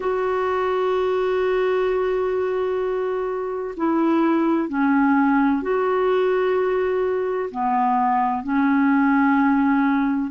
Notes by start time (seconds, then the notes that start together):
0.00 F#4
3.77 E4
4.68 C#4
5.62 F#4
7.50 B3
8.43 C#4